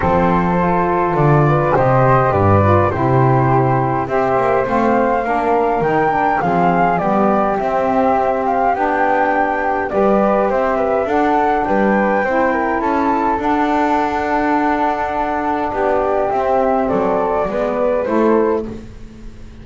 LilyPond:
<<
  \new Staff \with { instrumentName = "flute" } { \time 4/4 \tempo 4 = 103 c''2 d''4 dis''4 | d''4 c''2 e''4 | f''2 g''4 f''4 | d''4 e''4. f''8 g''4~ |
g''4 d''4 e''4 fis''4 | g''2 a''4 fis''4~ | fis''2. d''4 | e''4 d''2 c''4 | }
  \new Staff \with { instrumentName = "flute" } { \time 4/4 a'2~ a'8 b'8 c''4 | b'4 g'2 c''4~ | c''4 ais'2 gis'4 | g'1~ |
g'4 b'4 c''8 b'8 a'4 | b'4 c''8 ais'8 a'2~ | a'2. g'4~ | g'4 a'4 b'4 a'4 | }
  \new Staff \with { instrumentName = "saxophone" } { \time 4/4 c'4 f'2 g'4~ | g'8 f'8 e'2 g'4 | c'4 d'4 dis'8 d'8 c'4 | b4 c'2 d'4~ |
d'4 g'2 d'4~ | d'4 e'2 d'4~ | d'1 | c'2 b4 e'4 | }
  \new Staff \with { instrumentName = "double bass" } { \time 4/4 f2 d4 c4 | g,4 c2 c'8 ais8 | a4 ais4 dis4 f4 | g4 c'2 b4~ |
b4 g4 c'4 d'4 | g4 c'4 cis'4 d'4~ | d'2. b4 | c'4 fis4 gis4 a4 | }
>>